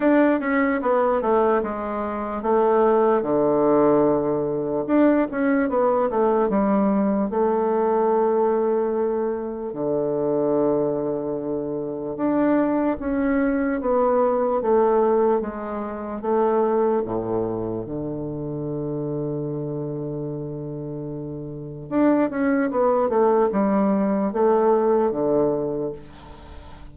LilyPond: \new Staff \with { instrumentName = "bassoon" } { \time 4/4 \tempo 4 = 74 d'8 cis'8 b8 a8 gis4 a4 | d2 d'8 cis'8 b8 a8 | g4 a2. | d2. d'4 |
cis'4 b4 a4 gis4 | a4 a,4 d2~ | d2. d'8 cis'8 | b8 a8 g4 a4 d4 | }